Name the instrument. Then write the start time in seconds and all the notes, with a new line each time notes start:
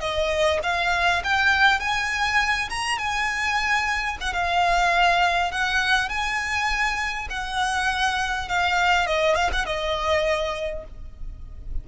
violin
0.00 D#5
0.63 F5
1.23 G5
1.80 G#5
2.69 A#5
2.98 G#5
4.20 F#5
4.33 F5
5.51 F#5
6.09 G#5
7.30 F#5
8.48 F5
9.06 D#5
9.35 F5
9.52 F#5
9.65 D#5